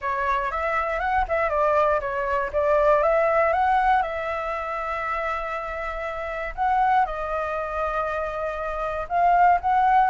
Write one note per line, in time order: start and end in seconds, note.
0.01 0.51 C#5
0.51 0.99 E5
0.99 1.24 F#5
1.28 1.49 E5
1.49 2.00 D5
2.00 2.50 C#5
2.52 3.02 D5
3.02 3.52 E5
3.52 4.02 F#5
4.02 6.54 E5
6.55 7.05 F#5
7.05 9.07 D#5
9.08 9.59 F5
9.61 10.10 F#5